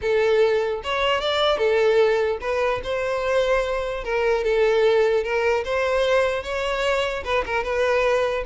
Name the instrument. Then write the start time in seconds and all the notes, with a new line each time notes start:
violin
0.01 A4
0.83 C#5
1.21 D5
1.57 A4
2.40 B4
2.83 C5
4.03 A#4
4.43 A4
5.23 A#4
5.64 C5
6.43 C#5
7.24 B4
7.46 A#4
7.63 B4